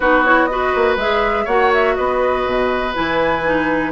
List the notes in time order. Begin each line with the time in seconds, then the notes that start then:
0.00 B3 D#4 F#4 B4
0.24 E4 C#5
0.46 F#4 D#5
0.52 B4
0.75 A#3
0.96 G#3 G#4 E5
1.44 A#3 F#4 C#5 F#5
1.73 E5
1.95 B3 B4 D#5
2.46 B2
2.94 E3 E4 G#5
3.45 D#4